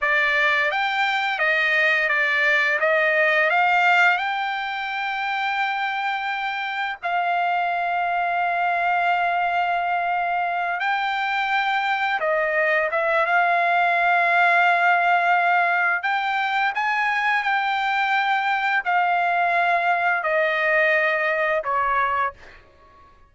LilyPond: \new Staff \with { instrumentName = "trumpet" } { \time 4/4 \tempo 4 = 86 d''4 g''4 dis''4 d''4 | dis''4 f''4 g''2~ | g''2 f''2~ | f''2.~ f''8 g''8~ |
g''4. dis''4 e''8 f''4~ | f''2. g''4 | gis''4 g''2 f''4~ | f''4 dis''2 cis''4 | }